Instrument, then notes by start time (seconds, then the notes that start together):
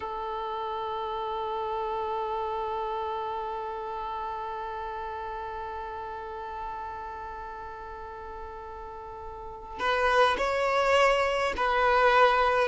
violin
0.00 A4
9.79 B4
10.37 C#5
11.56 B4